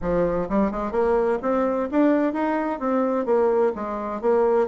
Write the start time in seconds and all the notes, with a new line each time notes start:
0.01 F3
0.49 G3
0.71 G#3
0.91 A#3
1.41 C4
1.91 D4
2.33 D#4
2.79 C4
3.25 A#3
3.75 G#3
4.21 A#3